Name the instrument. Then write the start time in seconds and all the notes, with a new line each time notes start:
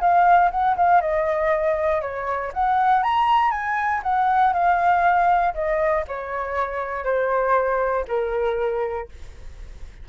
flute
0.00 F5
0.51 F#5
0.77 F5
1.01 D#5
2.01 C#5
2.53 F#5
3.03 A#5
3.51 G#5
4.03 F#5
4.53 F5
5.54 D#5
6.08 C#5
7.04 C5
8.07 A#4